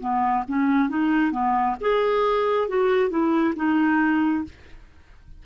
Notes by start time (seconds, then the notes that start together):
0.00 B3
0.48 C#4
0.89 D#4
1.32 B3
1.81 G#4
2.69 F#4
3.10 E4
3.56 D#4